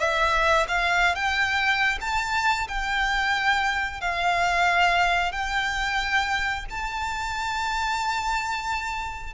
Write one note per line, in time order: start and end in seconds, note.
0.00 0.67 E5
0.68 1.16 F5
1.16 1.99 G5
2.01 2.68 A5
2.68 4.01 G5
4.01 5.33 F5
5.33 6.66 G5
6.71 9.34 A5